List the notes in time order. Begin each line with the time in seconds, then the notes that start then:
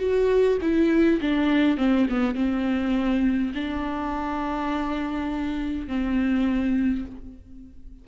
0.00 F#4
0.62 E4
1.21 D4
1.78 C4
2.10 B3
2.35 C4
3.55 D4
5.88 C4